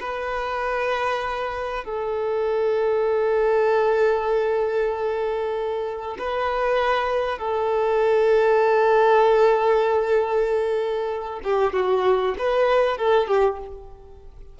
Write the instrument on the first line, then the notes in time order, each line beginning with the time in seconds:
violin
0.00 B4
1.84 A4
6.19 B4
7.38 A4
11.43 G4
11.73 F#4
12.38 B4
12.98 A4
13.28 G4